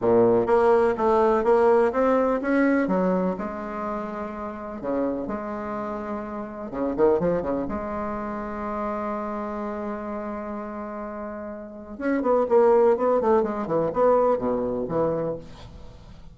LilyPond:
\new Staff \with { instrumentName = "bassoon" } { \time 4/4 \tempo 4 = 125 ais,4 ais4 a4 ais4 | c'4 cis'4 fis4 gis4~ | gis2 cis4 gis4~ | gis2 cis8 dis8 f8 cis8 |
gis1~ | gis1~ | gis4 cis'8 b8 ais4 b8 a8 | gis8 e8 b4 b,4 e4 | }